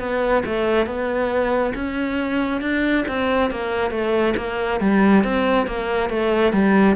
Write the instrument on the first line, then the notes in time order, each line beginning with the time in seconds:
cello
0.00 B3
0.46 A3
0.87 B3
1.75 C#4
2.61 D4
3.08 C4
3.51 A#3
3.91 A3
4.37 A#3
4.81 G3
5.24 C4
5.67 A#3
6.10 A3
6.53 G3